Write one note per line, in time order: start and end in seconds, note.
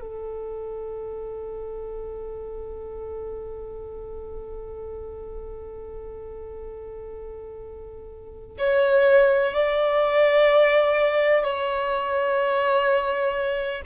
0.00 8.57 A4
8.58 9.53 C#5
9.53 11.44 D5
11.44 13.82 C#5